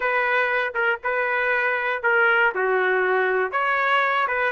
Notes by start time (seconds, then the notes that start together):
0.00 B4
0.74 A#4
1.03 B4
2.02 A#4
2.54 F#4
3.51 C#5
4.27 B4